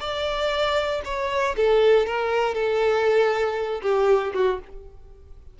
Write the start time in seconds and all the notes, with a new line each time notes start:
0.00 D5
1.05 C#5
1.56 A4
2.06 A#4
2.54 A4
3.82 G4
4.34 F#4